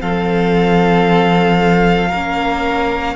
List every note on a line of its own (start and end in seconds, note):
0.00 2.12 F3
0.00 2.11 C4
0.00 2.09 A4
0.00 3.16 F5
2.09 3.16 A#3
2.09 3.16 C#4
2.09 3.15 A#4